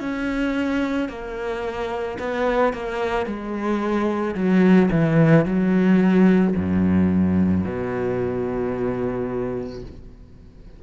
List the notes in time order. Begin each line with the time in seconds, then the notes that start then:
0.00 C#4
1.09 A#3
2.19 B3
2.73 A#3
3.26 G#3
4.35 F#3
4.90 E3
5.45 F#3
6.57 F#2
7.64 B2